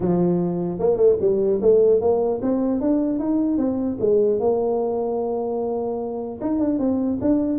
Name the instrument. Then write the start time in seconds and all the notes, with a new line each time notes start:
tuba
0.00 F3
0.79 A#3
0.96 A3
1.20 G3
1.61 A3
2.01 A#3
2.42 C4
2.81 D4
3.19 D#4
3.57 C4
3.99 G#3
4.39 A#3
6.41 D#4
6.59 D4
6.79 C4
7.21 D4